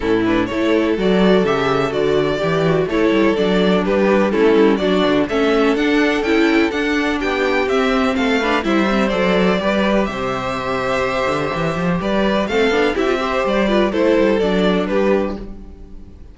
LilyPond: <<
  \new Staff \with { instrumentName = "violin" } { \time 4/4 \tempo 4 = 125 a'8 b'8 cis''4 d''4 e''4 | d''2 cis''4 d''4 | b'4 a'4 d''4 e''4 | fis''4 g''4 fis''4 g''4 |
e''4 f''4 e''4 d''4~ | d''4 e''2.~ | e''4 d''4 f''4 e''4 | d''4 c''4 d''4 b'4 | }
  \new Staff \with { instrumentName = "violin" } { \time 4/4 e'4 a'2.~ | a'4 g'4 a'2 | g'4 e'4 fis'4 a'4~ | a'2. g'4~ |
g'4 a'8 b'8 c''2 | b'4 c''2.~ | c''4 b'4 a'4 g'8 c''8~ | c''8 b'8 a'2 g'4 | }
  \new Staff \with { instrumentName = "viola" } { \time 4/4 cis'8 d'8 e'4 fis'4 g'4 | fis'4 g'8 fis'8 e'4 d'4~ | d'4 cis'4 d'4 cis'4 | d'4 e'4 d'2 |
c'4. d'8 e'8 c'8 a'4 | g'1~ | g'2 c'8 d'8 e'16 f'16 g'8~ | g'8 f'8 e'4 d'2 | }
  \new Staff \with { instrumentName = "cello" } { \time 4/4 a,4 a4 fis4 cis4 | d4 e4 a8 g8 fis4 | g4 a8 g8 fis8 d8 a4 | d'4 cis'4 d'4 b4 |
c'4 a4 g4 fis4 | g4 c2~ c8 d8 | e8 f8 g4 a8 b8 c'4 | g4 a8 g8 fis4 g4 | }
>>